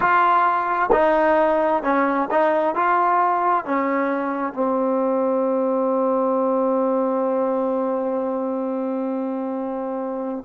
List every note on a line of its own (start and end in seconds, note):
0.00 0.90 F4
0.91 1.82 D#4
1.82 2.28 C#4
2.30 2.75 D#4
2.75 3.65 F4
3.65 4.53 C#4
4.53 10.44 C4